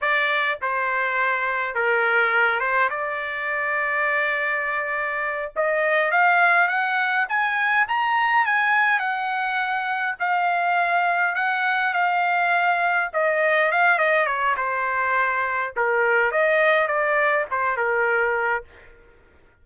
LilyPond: \new Staff \with { instrumentName = "trumpet" } { \time 4/4 \tempo 4 = 103 d''4 c''2 ais'4~ | ais'8 c''8 d''2.~ | d''4. dis''4 f''4 fis''8~ | fis''8 gis''4 ais''4 gis''4 fis''8~ |
fis''4. f''2 fis''8~ | fis''8 f''2 dis''4 f''8 | dis''8 cis''8 c''2 ais'4 | dis''4 d''4 c''8 ais'4. | }